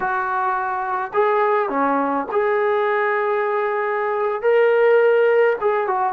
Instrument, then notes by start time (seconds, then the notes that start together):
trombone
0.00 F#4
1.13 G#4
1.69 C#4
2.31 G#4
4.42 A#4
5.60 G#4
5.87 F#4